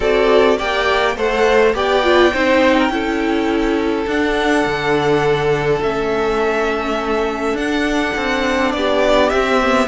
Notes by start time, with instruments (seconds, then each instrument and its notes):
0.00 cello C4, viola F#4, violin A4 D5
0.57 cello A#3, viola G4, violin D5 G5
1.15 cello A3, viola A4, violin C5 F#5
1.74 cello B3, viola G4, violin D5 G5
2.03 viola F4
2.32 cello C4, viola D#4, violin C5
2.78 violin A#4
2.89 cello C#4, viola E4, violin A4
4.06 cello D4, viola D4, violin F#5
4.65 cello D3
5.82 cello A3, viola C#4, violin E5
7.53 cello D4, violin F#5
7.59 viola D4
8.16 cello C4
8.71 cello B3, violin G4 D5
9.29 viola C4, cello C4, violin E5
9.62 viola B3